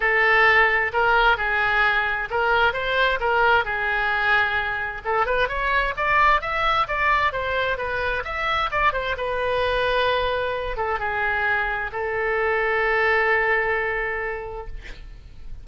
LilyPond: \new Staff \with { instrumentName = "oboe" } { \time 4/4 \tempo 4 = 131 a'2 ais'4 gis'4~ | gis'4 ais'4 c''4 ais'4 | gis'2. a'8 b'8 | cis''4 d''4 e''4 d''4 |
c''4 b'4 e''4 d''8 c''8 | b'2.~ b'8 a'8 | gis'2 a'2~ | a'1 | }